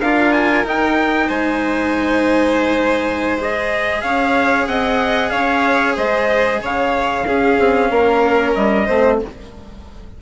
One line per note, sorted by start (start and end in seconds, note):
0.00 0.64 D4
0.00 0.64 F4
0.00 1.26 A#4
0.00 0.32 F5
0.32 0.64 G#5
0.64 3.37 D#4
0.64 1.29 D#4
0.64 1.29 G5
1.26 4.03 G#3
1.26 4.01 C5
1.26 3.38 G#5
3.37 7.24 G#4
3.37 4.01 D#5
4.01 4.66 C#4
4.01 4.67 C#5
4.01 4.66 F5
4.66 5.31 C4
4.66 5.31 D#5
4.66 5.29 F#5
5.29 5.97 C#4
5.29 5.95 C#5
5.29 5.94 F5
5.95 6.61 G#3
5.95 6.60 C5
5.95 6.62 D#5
6.62 7.25 C#3
6.62 7.26 C#5
6.62 8.54 F5
7.25 7.57 C#4
7.25 8.88 C#4
7.25 7.91 G#4
7.59 7.90 C4
7.90 8.54 A#3
7.90 8.85 A#4
8.54 8.88 G3
8.54 9.19 D#5
8.85 9.21 A3
8.85 9.21 C4
8.85 9.17 C5